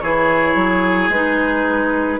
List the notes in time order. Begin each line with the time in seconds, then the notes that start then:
0.00 E3 E4 G#4 C#5
0.55 F#3
1.09 G#3 D#4 B4